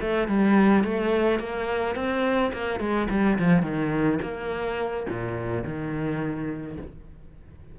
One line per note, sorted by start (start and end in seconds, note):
0.00 0.27 A3
0.27 0.84 G3
0.84 1.39 A3
1.39 1.95 A#3
1.95 2.52 C4
2.53 2.79 A#3
2.79 3.08 G#3
3.10 3.38 G3
3.38 3.62 F3
3.62 4.19 D#3
4.21 5.06 A#3
5.09 5.63 A#2
5.63 6.77 D#3